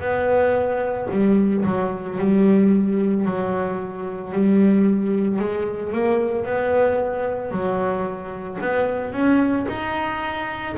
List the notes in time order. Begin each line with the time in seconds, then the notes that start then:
0.00 B3
1.11 G3
1.65 F#3
2.18 G3
3.25 F#3
4.32 G3
5.39 G#3
5.92 A#3
6.45 B3
7.51 F#3
8.61 B3
9.12 C#4
9.68 D#4